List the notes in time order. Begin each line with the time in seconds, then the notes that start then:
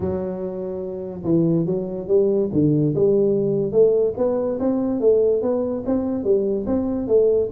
0.00 F#3
1.24 E3
1.66 F#3
2.07 G3
2.52 D3
2.95 G3
3.71 A3
4.17 B3
4.59 C4
5.00 A3
5.41 B3
5.86 C4
6.24 G3
6.66 C4
7.07 A3